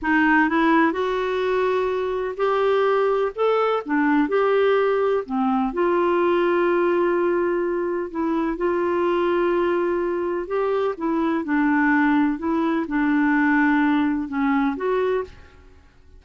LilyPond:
\new Staff \with { instrumentName = "clarinet" } { \time 4/4 \tempo 4 = 126 dis'4 e'4 fis'2~ | fis'4 g'2 a'4 | d'4 g'2 c'4 | f'1~ |
f'4 e'4 f'2~ | f'2 g'4 e'4 | d'2 e'4 d'4~ | d'2 cis'4 fis'4 | }